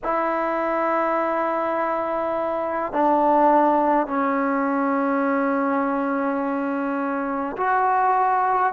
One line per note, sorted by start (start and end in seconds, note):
0.03 2.92 E4
2.92 4.06 D4
4.06 7.56 C#4
7.56 8.73 F#4